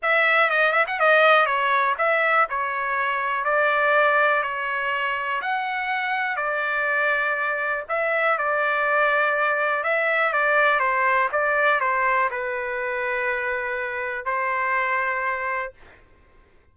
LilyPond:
\new Staff \with { instrumentName = "trumpet" } { \time 4/4 \tempo 4 = 122 e''4 dis''8 e''16 fis''16 dis''4 cis''4 | e''4 cis''2 d''4~ | d''4 cis''2 fis''4~ | fis''4 d''2. |
e''4 d''2. | e''4 d''4 c''4 d''4 | c''4 b'2.~ | b'4 c''2. | }